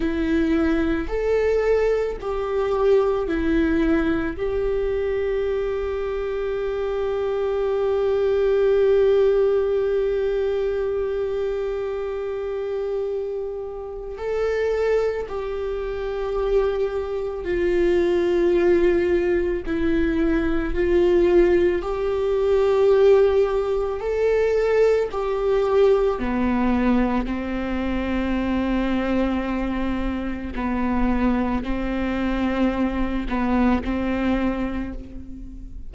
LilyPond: \new Staff \with { instrumentName = "viola" } { \time 4/4 \tempo 4 = 55 e'4 a'4 g'4 e'4 | g'1~ | g'1~ | g'4 a'4 g'2 |
f'2 e'4 f'4 | g'2 a'4 g'4 | b4 c'2. | b4 c'4. b8 c'4 | }